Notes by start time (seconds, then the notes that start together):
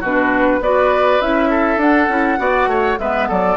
0.00 B2 D4 F#4 B4
0.60 B3 F#4 B4 D5
1.20 C#4 E4 E5
1.50 A4
1.77 D4 F#5
2.08 C#4 E4
2.38 B3 F#4 D5
2.66 A3 C#5
2.99 G#3 B3 B4 E5
3.28 F#3 A4 D5